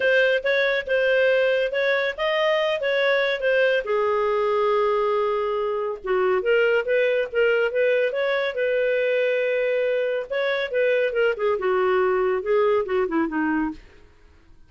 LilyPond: \new Staff \with { instrumentName = "clarinet" } { \time 4/4 \tempo 4 = 140 c''4 cis''4 c''2 | cis''4 dis''4. cis''4. | c''4 gis'2.~ | gis'2 fis'4 ais'4 |
b'4 ais'4 b'4 cis''4 | b'1 | cis''4 b'4 ais'8 gis'8 fis'4~ | fis'4 gis'4 fis'8 e'8 dis'4 | }